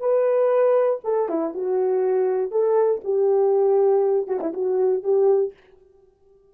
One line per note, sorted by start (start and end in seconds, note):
0.00 1.00 B4
1.04 1.29 A4
1.29 1.54 E4
1.54 2.51 F#4
2.51 3.01 A4
3.04 4.27 G4
4.27 4.40 F#4
4.40 4.53 E4
4.53 5.03 F#4
5.03 5.53 G4